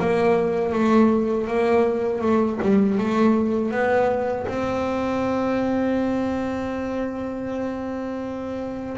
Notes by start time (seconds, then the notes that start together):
0.00 A#3
0.73 A3
1.48 A#3
2.22 A3
2.62 G3
2.98 A3
3.72 B3
4.47 C4